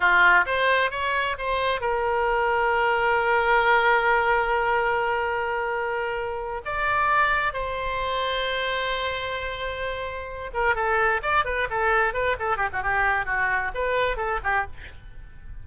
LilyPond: \new Staff \with { instrumentName = "oboe" } { \time 4/4 \tempo 4 = 131 f'4 c''4 cis''4 c''4 | ais'1~ | ais'1~ | ais'2~ ais'8 d''4.~ |
d''8 c''2.~ c''8~ | c''2. ais'8 a'8~ | a'8 d''8 b'8 a'4 b'8 a'8 g'16 fis'16 | g'4 fis'4 b'4 a'8 g'8 | }